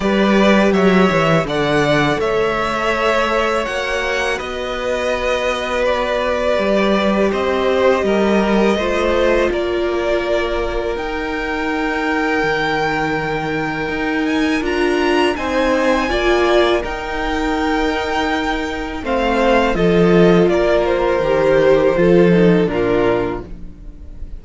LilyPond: <<
  \new Staff \with { instrumentName = "violin" } { \time 4/4 \tempo 4 = 82 d''4 e''4 fis''4 e''4~ | e''4 fis''4 dis''2 | d''2 dis''2~ | dis''4 d''2 g''4~ |
g''2.~ g''8 gis''8 | ais''4 gis''2 g''4~ | g''2 f''4 dis''4 | d''8 c''2~ c''8 ais'4 | }
  \new Staff \with { instrumentName = "violin" } { \time 4/4 b'4 cis''4 d''4 cis''4~ | cis''2 b'2~ | b'2 c''4 ais'4 | c''4 ais'2.~ |
ais'1~ | ais'4 c''4 d''4 ais'4~ | ais'2 c''4 a'4 | ais'2 a'4 f'4 | }
  \new Staff \with { instrumentName = "viola" } { \time 4/4 g'2 a'2~ | a'4 fis'2.~ | fis'4 g'2. | f'2. dis'4~ |
dis'1 | f'4 dis'4 f'4 dis'4~ | dis'2 c'4 f'4~ | f'4 g'4 f'8 dis'8 d'4 | }
  \new Staff \with { instrumentName = "cello" } { \time 4/4 g4 fis8 e8 d4 a4~ | a4 ais4 b2~ | b4 g4 c'4 g4 | a4 ais2 dis'4~ |
dis'4 dis2 dis'4 | d'4 c'4 ais4 dis'4~ | dis'2 a4 f4 | ais4 dis4 f4 ais,4 | }
>>